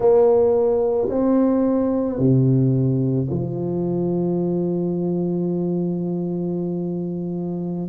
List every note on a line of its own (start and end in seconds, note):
0.00 1.08 A#3
1.09 2.18 C4
2.18 3.27 C3
3.30 7.88 F3